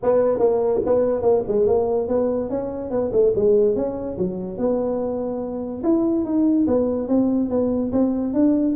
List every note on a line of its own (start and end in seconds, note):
0.02 0.38 B3
0.38 0.80 A#3
0.85 1.22 B3
1.22 1.43 A#3
1.47 1.66 G#3
1.66 2.08 A#3
2.08 2.49 B3
2.49 2.90 C#4
2.90 3.11 B3
3.12 3.33 A3
3.35 3.75 G#3
3.75 4.17 C#4
4.18 4.57 F#3
4.57 5.82 B3
5.83 6.24 E4
6.24 6.66 D#4
6.67 7.08 B3
7.08 7.49 C4
7.49 7.91 B3
7.91 8.33 C4
8.33 8.75 D4